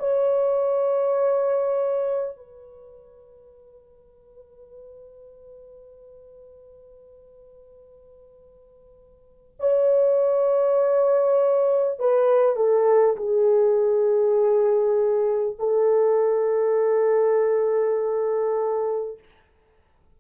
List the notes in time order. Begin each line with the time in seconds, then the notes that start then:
0.00 C#5
2.37 B4
9.60 C#5
11.99 B4
12.56 A4
13.17 G#4
15.59 A4